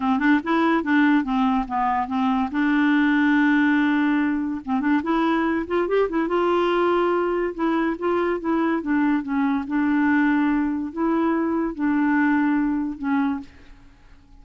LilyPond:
\new Staff \with { instrumentName = "clarinet" } { \time 4/4 \tempo 4 = 143 c'8 d'8 e'4 d'4 c'4 | b4 c'4 d'2~ | d'2. c'8 d'8 | e'4. f'8 g'8 e'8 f'4~ |
f'2 e'4 f'4 | e'4 d'4 cis'4 d'4~ | d'2 e'2 | d'2. cis'4 | }